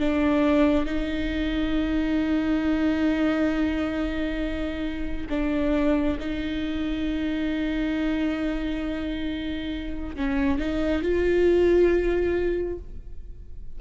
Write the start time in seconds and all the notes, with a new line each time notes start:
0.00 D4
0.86 D#4
5.30 D4
6.20 D#4
10.17 C#4
10.59 D#4
11.03 F4